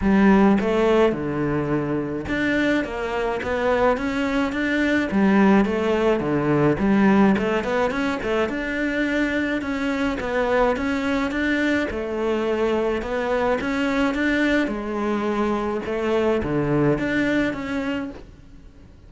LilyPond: \new Staff \with { instrumentName = "cello" } { \time 4/4 \tempo 4 = 106 g4 a4 d2 | d'4 ais4 b4 cis'4 | d'4 g4 a4 d4 | g4 a8 b8 cis'8 a8 d'4~ |
d'4 cis'4 b4 cis'4 | d'4 a2 b4 | cis'4 d'4 gis2 | a4 d4 d'4 cis'4 | }